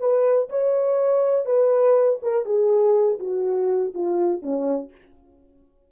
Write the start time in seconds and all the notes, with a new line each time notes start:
0.00 B4
0.49 C#5
1.46 B4
2.22 A#4
2.45 G#4
3.20 F#4
3.94 F4
4.42 C#4